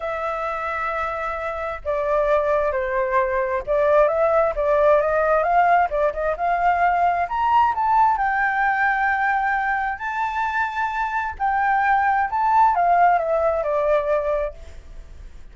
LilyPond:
\new Staff \with { instrumentName = "flute" } { \time 4/4 \tempo 4 = 132 e''1 | d''2 c''2 | d''4 e''4 d''4 dis''4 | f''4 d''8 dis''8 f''2 |
ais''4 a''4 g''2~ | g''2 a''2~ | a''4 g''2 a''4 | f''4 e''4 d''2 | }